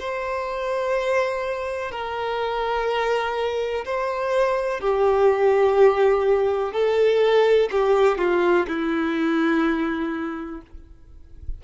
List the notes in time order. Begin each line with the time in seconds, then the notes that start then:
0.00 C5
1.91 A#4
3.85 C5
4.81 G4
6.73 A4
7.72 G4
8.18 F4
8.68 E4